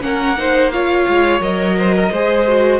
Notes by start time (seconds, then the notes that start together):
0.00 A#3 C#4 A#4 F#5
0.37 D#4 C5
0.70 F4 C#5 F5
1.08 G#3
1.40 F#3 A#4 D#5
1.78 C5
1.94 A#4
2.11 G#3 G#4 C5
2.47 F#4